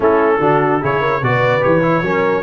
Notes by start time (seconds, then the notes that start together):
0.00 A3 C#4 E4 A4
0.40 D3 D4 F#4
0.81 C#3 E4 G#4 C#5
1.00 A#4
1.22 B2 F#4 B4 D5
1.60 E3 G4 C#5
1.82 E4
2.02 F#3 C#4 A#4